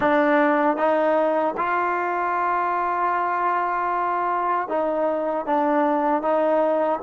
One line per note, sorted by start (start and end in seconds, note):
0.00 0.77 D4
0.77 1.54 D#4
1.57 4.68 F4
4.68 5.45 D#4
5.45 6.21 D4
6.21 7.00 D#4